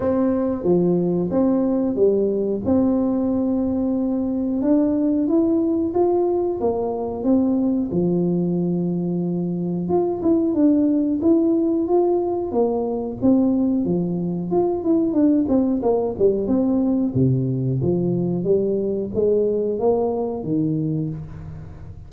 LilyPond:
\new Staff \with { instrumentName = "tuba" } { \time 4/4 \tempo 4 = 91 c'4 f4 c'4 g4 | c'2. d'4 | e'4 f'4 ais4 c'4 | f2. f'8 e'8 |
d'4 e'4 f'4 ais4 | c'4 f4 f'8 e'8 d'8 c'8 | ais8 g8 c'4 c4 f4 | g4 gis4 ais4 dis4 | }